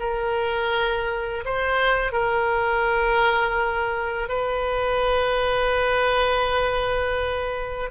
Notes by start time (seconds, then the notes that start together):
0.00 A#4
1.45 C5
2.13 A#4
4.29 B4